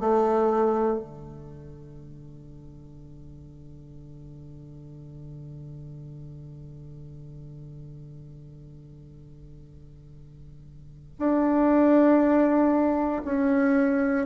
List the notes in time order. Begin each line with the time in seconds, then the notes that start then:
0.00 A3
0.99 D3
11.19 D4
13.24 C#4